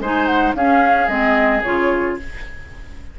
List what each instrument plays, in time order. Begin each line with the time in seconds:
0.00 bassoon G#3, clarinet D#4, oboe C5, flute G#5
0.26 flute F#5
0.55 bassoon C#4, clarinet C#4, oboe G#4, flute F5
1.08 bassoon G#3, clarinet C4, flute D#5
1.63 bassoon C#3, clarinet F4, flute C#5